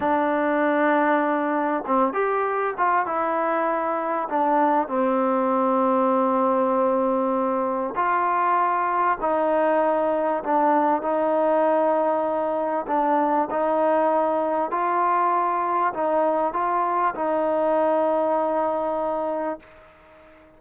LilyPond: \new Staff \with { instrumentName = "trombone" } { \time 4/4 \tempo 4 = 98 d'2. c'8 g'8~ | g'8 f'8 e'2 d'4 | c'1~ | c'4 f'2 dis'4~ |
dis'4 d'4 dis'2~ | dis'4 d'4 dis'2 | f'2 dis'4 f'4 | dis'1 | }